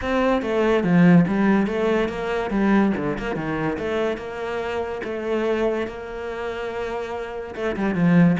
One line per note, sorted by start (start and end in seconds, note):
0.01 0.42 C4
0.42 0.83 A3
0.83 1.25 F3
1.27 1.66 G3
1.66 2.08 A3
2.08 2.50 A#3
2.50 2.92 G3
2.97 3.18 D3
3.18 3.35 A#3
3.35 3.77 D#3
3.78 4.17 A3
4.17 5.01 A#3
5.03 5.87 A3
5.87 7.54 A#3
7.55 7.76 A3
7.76 7.95 G3
7.95 8.36 F3